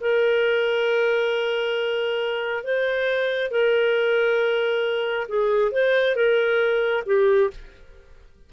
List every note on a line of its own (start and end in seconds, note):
0.00 2.63 A#4
2.63 3.51 C5
3.51 5.27 A#4
5.28 5.71 G#4
5.71 6.15 C5
6.15 7.03 A#4
7.06 7.50 G4